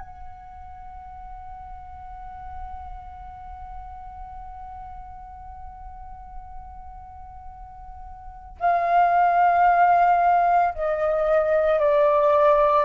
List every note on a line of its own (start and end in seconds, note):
0.00 8.57 F#5
8.60 10.74 F5
10.74 11.80 D#5
11.80 12.85 D5